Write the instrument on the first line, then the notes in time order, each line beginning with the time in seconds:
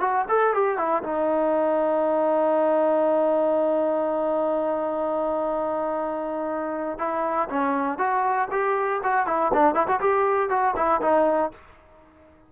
trombone
0.00 F#4
0.28 A4
0.53 G4
0.77 E4
1.03 D#4
6.99 E4
7.49 C#4
7.98 F#4
8.51 G4
9.03 F#4
9.26 E4
9.53 D4
9.74 E4
9.87 F#4
10.00 G4
10.49 F#4
10.76 E4
11.01 D#4